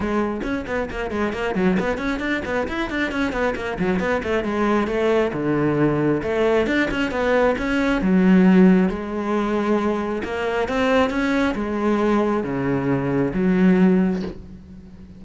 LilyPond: \new Staff \with { instrumentName = "cello" } { \time 4/4 \tempo 4 = 135 gis4 cis'8 b8 ais8 gis8 ais8 fis8 | b8 cis'8 d'8 b8 e'8 d'8 cis'8 b8 | ais8 fis8 b8 a8 gis4 a4 | d2 a4 d'8 cis'8 |
b4 cis'4 fis2 | gis2. ais4 | c'4 cis'4 gis2 | cis2 fis2 | }